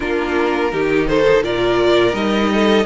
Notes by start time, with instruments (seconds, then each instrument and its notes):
0.00 cello A#3, viola D4, violin F4 A#4
0.72 cello D#3, viola D#4, violin G4
1.07 violin A4 C5
1.42 cello A#2, viola F4, violin A#4 D5
2.12 cello G3, viola D#4, violin D#5
2.53 violin A4